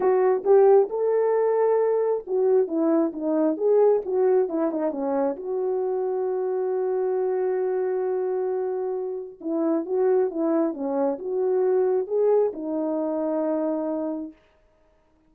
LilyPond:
\new Staff \with { instrumentName = "horn" } { \time 4/4 \tempo 4 = 134 fis'4 g'4 a'2~ | a'4 fis'4 e'4 dis'4 | gis'4 fis'4 e'8 dis'8 cis'4 | fis'1~ |
fis'1~ | fis'4 e'4 fis'4 e'4 | cis'4 fis'2 gis'4 | dis'1 | }